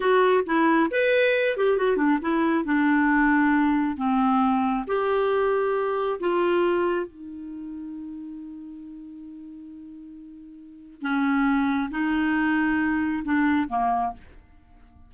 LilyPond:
\new Staff \with { instrumentName = "clarinet" } { \time 4/4 \tempo 4 = 136 fis'4 e'4 b'4. g'8 | fis'8 d'8 e'4 d'2~ | d'4 c'2 g'4~ | g'2 f'2 |
dis'1~ | dis'1~ | dis'4 cis'2 dis'4~ | dis'2 d'4 ais4 | }